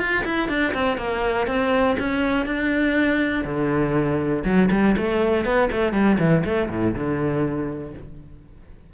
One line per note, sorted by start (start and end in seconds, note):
0.00 0.25 F4
0.25 0.49 E4
0.49 0.74 D4
0.74 0.98 C4
0.98 1.47 A#3
1.47 1.97 C4
2.00 2.46 C#4
2.46 3.45 D4
3.45 4.44 D3
4.45 4.70 F#3
4.72 4.97 G3
4.98 5.46 A3
5.46 5.70 B3
5.72 5.93 A3
5.93 6.18 G3
6.19 6.44 E3
6.45 6.70 A3
6.70 6.95 A2
6.95 7.94 D3